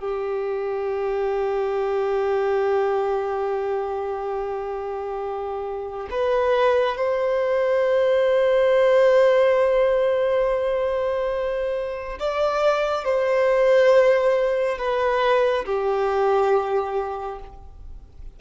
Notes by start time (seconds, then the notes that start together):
0.00 G4
6.11 B4
6.97 C5
12.20 D5
13.05 C5
14.79 B4
15.66 G4